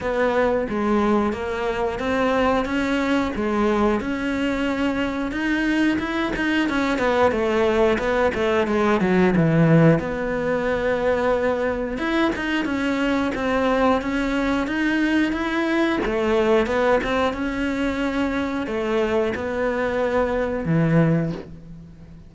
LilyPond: \new Staff \with { instrumentName = "cello" } { \time 4/4 \tempo 4 = 90 b4 gis4 ais4 c'4 | cis'4 gis4 cis'2 | dis'4 e'8 dis'8 cis'8 b8 a4 | b8 a8 gis8 fis8 e4 b4~ |
b2 e'8 dis'8 cis'4 | c'4 cis'4 dis'4 e'4 | a4 b8 c'8 cis'2 | a4 b2 e4 | }